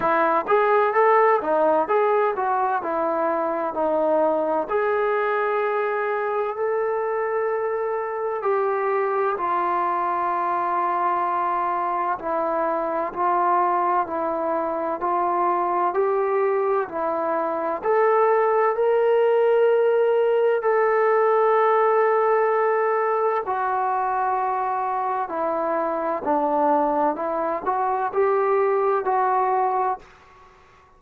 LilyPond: \new Staff \with { instrumentName = "trombone" } { \time 4/4 \tempo 4 = 64 e'8 gis'8 a'8 dis'8 gis'8 fis'8 e'4 | dis'4 gis'2 a'4~ | a'4 g'4 f'2~ | f'4 e'4 f'4 e'4 |
f'4 g'4 e'4 a'4 | ais'2 a'2~ | a'4 fis'2 e'4 | d'4 e'8 fis'8 g'4 fis'4 | }